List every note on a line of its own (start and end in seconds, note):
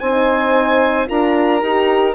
0.00 1.08 C4
0.00 1.07 D#4
0.00 1.07 C5
0.00 1.07 G#5
1.07 1.62 D4
1.07 1.60 F4
1.07 2.14 A#4
1.07 2.14 A#5
1.61 2.14 D#4
1.61 2.14 G4